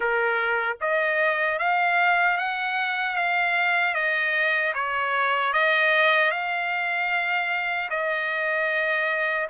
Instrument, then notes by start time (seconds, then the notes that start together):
trumpet
0.00 A#4
0.81 D#5
1.58 F5
2.37 F#5
3.16 F5
3.94 D#5
4.74 C#5
5.53 D#5
6.31 F5
7.89 D#5